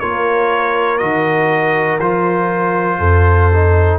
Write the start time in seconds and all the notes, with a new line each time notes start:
0.00 A#3 F4 A#4 C#5
0.98 D#3 F#4 D#5
2.00 F3 F4 C5
2.99 F2 A4
3.53 D#4